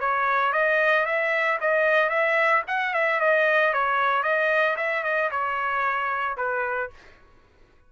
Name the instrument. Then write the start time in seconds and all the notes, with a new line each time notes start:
trumpet
0.00 C#5
0.52 D#5
1.05 E5
1.60 D#5
2.09 E5
2.67 F#5
2.93 E5
3.20 D#5
3.73 C#5
4.23 D#5
4.76 E5
5.03 D#5
5.31 C#5
6.37 B4